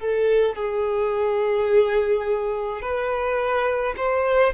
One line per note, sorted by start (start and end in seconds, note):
0.00 0.56 A4
0.56 2.82 G#4
2.82 3.95 B4
3.97 4.54 C5